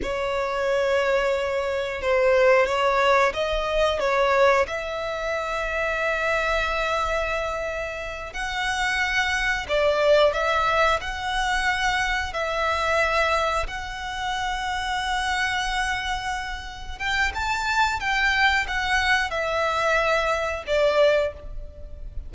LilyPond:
\new Staff \with { instrumentName = "violin" } { \time 4/4 \tempo 4 = 90 cis''2. c''4 | cis''4 dis''4 cis''4 e''4~ | e''1~ | e''8 fis''2 d''4 e''8~ |
e''8 fis''2 e''4.~ | e''8 fis''2.~ fis''8~ | fis''4. g''8 a''4 g''4 | fis''4 e''2 d''4 | }